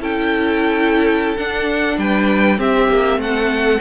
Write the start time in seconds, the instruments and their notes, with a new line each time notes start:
0.00 cello C#4, viola E4, violin A4 G5
1.37 cello D4, viola D4, violin F#5
1.97 cello G3, violin B4 G5
2.57 viola C4, cello C4, violin G4 E5
2.89 cello A#3
3.17 cello A3, violin A4 F#5